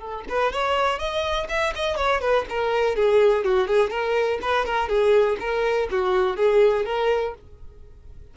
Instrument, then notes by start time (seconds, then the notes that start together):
violin
0.00 A4
0.29 B4
0.53 C#5
0.99 D#5
1.49 E5
1.76 D#5
1.97 C#5
2.22 B4
2.50 A#4
2.96 G#4
3.45 F#4
3.68 G#4
3.91 A#4
4.42 B4
4.66 A#4
4.89 G#4
5.40 A#4
5.91 F#4
6.37 G#4
6.86 A#4